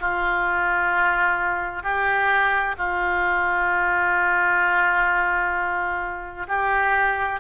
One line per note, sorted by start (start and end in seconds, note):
0.00 1.83 F4
1.83 2.75 G4
2.78 6.47 F4
6.48 7.40 G4